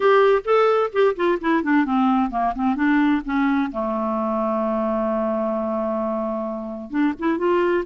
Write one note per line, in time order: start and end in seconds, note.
0.00 0.42 G4
0.44 0.90 A4
0.92 1.15 G4
1.15 1.38 F4
1.41 1.63 E4
1.63 1.85 D4
1.85 2.30 C4
2.30 2.53 A#3
2.55 2.75 C4
2.75 3.21 D4
3.25 3.71 C#4
3.71 6.90 A3
6.90 7.13 D4
7.19 7.37 E4
7.37 7.84 F4